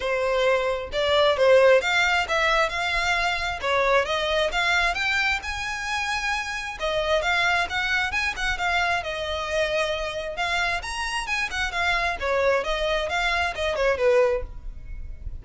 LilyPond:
\new Staff \with { instrumentName = "violin" } { \time 4/4 \tempo 4 = 133 c''2 d''4 c''4 | f''4 e''4 f''2 | cis''4 dis''4 f''4 g''4 | gis''2. dis''4 |
f''4 fis''4 gis''8 fis''8 f''4 | dis''2. f''4 | ais''4 gis''8 fis''8 f''4 cis''4 | dis''4 f''4 dis''8 cis''8 b'4 | }